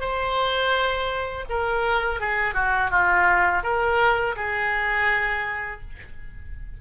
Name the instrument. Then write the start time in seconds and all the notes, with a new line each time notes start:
oboe
0.00 C5
1.49 A#4
2.20 G#4
2.54 F#4
2.90 F4
3.63 A#4
4.36 G#4